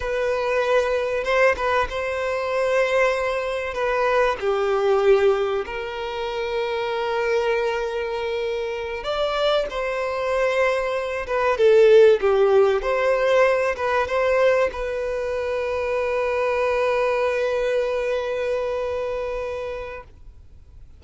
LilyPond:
\new Staff \with { instrumentName = "violin" } { \time 4/4 \tempo 4 = 96 b'2 c''8 b'8 c''4~ | c''2 b'4 g'4~ | g'4 ais'2.~ | ais'2~ ais'8 d''4 c''8~ |
c''2 b'8 a'4 g'8~ | g'8 c''4. b'8 c''4 b'8~ | b'1~ | b'1 | }